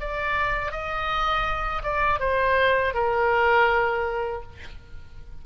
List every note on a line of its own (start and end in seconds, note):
0.00 0.71 D5
0.71 1.82 D#5
1.83 2.20 D5
2.20 2.94 C5
2.94 4.42 A#4